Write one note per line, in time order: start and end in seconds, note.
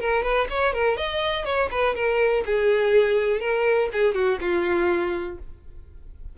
0.00 0.23 A#4
0.23 0.47 B4
0.49 0.73 C#5
0.73 0.97 A#4
0.97 1.45 D#5
1.45 1.69 C#5
1.71 1.95 B4
1.95 2.43 A#4
2.46 3.40 G#4
3.40 3.89 A#4
3.92 4.14 G#4
4.14 4.39 F#4
4.40 5.38 F4